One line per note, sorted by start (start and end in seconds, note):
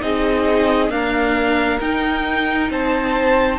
0.00 0.89 C4
0.00 0.90 D#4
0.00 0.92 G#4
0.00 0.90 D#5
0.89 1.79 A#3
0.89 1.79 D4
0.89 2.71 A#4
0.89 1.79 F5
1.80 2.69 D#4
1.80 3.59 D#4
1.80 2.69 G5
2.70 3.59 C4
2.70 3.59 C5
2.70 3.59 A5